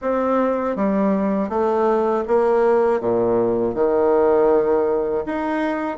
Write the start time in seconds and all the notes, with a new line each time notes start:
0.01 C4
0.76 G3
1.49 A3
2.27 A#3
3.00 A#2
3.74 D#3
5.25 D#4